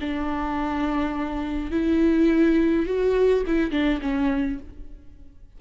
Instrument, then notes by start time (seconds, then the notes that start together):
viola
0.00 D4
1.71 E4
2.86 F#4
3.46 E4
3.71 D4
4.01 C#4